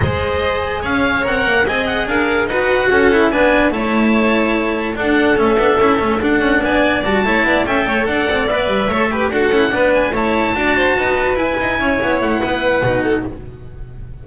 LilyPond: <<
  \new Staff \with { instrumentName = "oboe" } { \time 4/4 \tempo 4 = 145 dis''2 f''4 fis''4 | gis''8 fis''8 f''4 fis''2 | gis''4 a''2. | fis''4 e''2 fis''4 |
gis''4 a''4. g''4 fis''8~ | fis''8 e''2 fis''4. | gis''8 a''2. gis''8~ | gis''4. fis''2~ fis''8 | }
  \new Staff \with { instrumentName = "violin" } { \time 4/4 c''2 cis''2 | dis''4 ais'4 b'4 a'4 | b'4 cis''2. | a'1 |
d''4. cis''8 d''8 e''8 cis''8 d''8~ | d''4. cis''8 b'8 a'4 b'8~ | b'8 cis''4 d''8 c''8 b'4.~ | b'8 cis''4. b'4. a'8 | }
  \new Staff \with { instrumentName = "cello" } { \time 4/4 gis'2. ais'4 | gis'2 fis'4. e'8 | d'4 e'2. | d'4 cis'8 d'8 e'8 cis'8 d'4~ |
d'4 fis'8 e'4 a'4.~ | a'8 b'4 a'8 g'8 fis'8 e'8 d'8~ | d'8 e'4 fis'2 e'8~ | e'2. dis'4 | }
  \new Staff \with { instrumentName = "double bass" } { \time 4/4 gis2 cis'4 c'8 ais8 | c'4 d'4 dis'4 cis'4 | b4 a2. | d'4 a8 b8 cis'8 a8 d'8 cis'8 |
b4 g8 a8 b8 cis'8 a8 d'8 | c'8 b8 g8 a4 d'8 cis'8 b8~ | b8 a4 d'4 dis'4 e'8 | dis'8 cis'8 b8 a8 b4 b,4 | }
>>